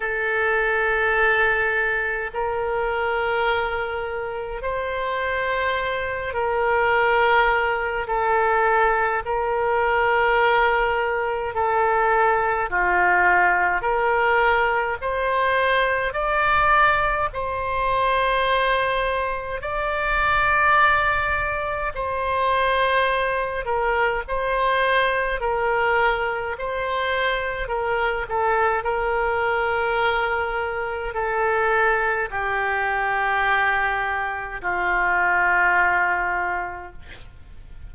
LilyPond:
\new Staff \with { instrumentName = "oboe" } { \time 4/4 \tempo 4 = 52 a'2 ais'2 | c''4. ais'4. a'4 | ais'2 a'4 f'4 | ais'4 c''4 d''4 c''4~ |
c''4 d''2 c''4~ | c''8 ais'8 c''4 ais'4 c''4 | ais'8 a'8 ais'2 a'4 | g'2 f'2 | }